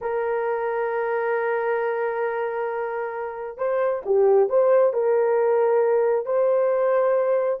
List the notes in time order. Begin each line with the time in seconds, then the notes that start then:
0.01 A#4
3.57 C5
4.05 G4
4.49 C5
4.93 A#4
6.25 C5